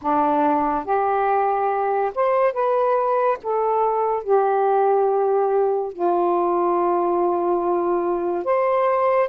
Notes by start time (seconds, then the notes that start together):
0.01 D4
0.85 G4
2.14 C5
2.53 B4
3.42 A4
4.23 G4
5.92 F4
8.44 C5